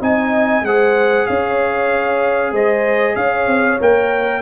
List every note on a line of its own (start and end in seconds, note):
0.00 0.62 C4
0.00 0.63 D#4
0.00 0.64 D#5
0.00 0.65 G#5
0.62 1.25 G#3
0.62 3.79 G#4
0.62 1.27 C5
0.62 1.26 F#5
1.26 2.52 C#4
1.26 2.52 C#5
1.26 2.52 F5
2.52 3.15 G#3
2.52 3.15 C5
2.52 3.15 D#5
3.15 3.46 C#4
3.15 4.41 C#5
3.15 3.78 F5
3.46 3.78 C4
3.79 4.41 A#3
3.79 4.41 A#4
3.79 4.41 G5